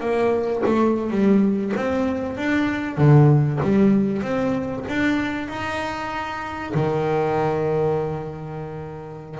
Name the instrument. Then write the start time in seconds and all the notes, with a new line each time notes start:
double bass
0.00 A#3
0.66 A3
1.11 G3
1.76 C4
2.37 D4
2.97 D3
3.62 G3
4.22 C4
4.88 D4
5.48 D#4
6.74 D#3